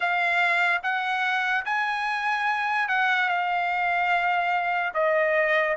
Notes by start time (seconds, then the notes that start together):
0.00 F5
0.82 F#5
1.65 G#5
2.88 F#5
3.29 F5
4.94 D#5